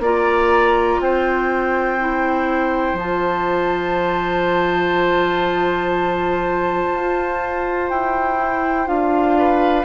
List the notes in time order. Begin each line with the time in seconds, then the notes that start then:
0.00 A#3 F4 D5 A#5
1.00 C4 C5 G5
2.00 E4
2.94 F3 A5
3.00 F4
6.94 F4
7.90 E4 G5
8.38 E4
8.86 D4 F4 F5
9.38 B4